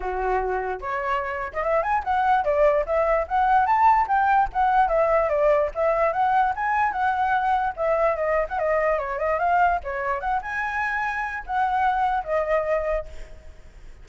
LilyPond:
\new Staff \with { instrumentName = "flute" } { \time 4/4 \tempo 4 = 147 fis'2 cis''4.~ cis''16 dis''16 | e''8 gis''8 fis''4 d''4 e''4 | fis''4 a''4 g''4 fis''4 | e''4 d''4 e''4 fis''4 |
gis''4 fis''2 e''4 | dis''8. fis''16 dis''4 cis''8 dis''8 f''4 | cis''4 fis''8 gis''2~ gis''8 | fis''2 dis''2 | }